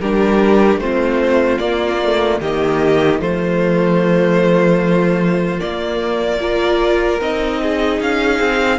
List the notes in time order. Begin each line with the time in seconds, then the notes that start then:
0.00 G3 D4 G4 A#4
0.76 A3 C4 F4 C5
1.58 A#3 D5
2.03 A3
2.41 D#3 A#3 G4 D#5
3.19 F3 A3 F4 C5
5.59 A#3 D5
6.40 F4 A#4
7.20 C4 D#4 D#5
7.62 G#4
8.00 C#4 F5
8.39 C4